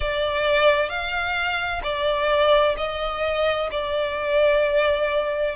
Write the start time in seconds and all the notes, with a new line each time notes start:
0.00 D5
0.89 F5
1.83 D5
2.77 D#5
3.71 D5